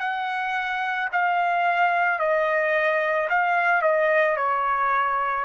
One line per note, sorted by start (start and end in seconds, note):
0.00 1.09 F#5
1.13 2.19 F5
2.19 3.28 D#5
3.30 3.82 F5
3.82 4.37 D#5
4.37 5.45 C#5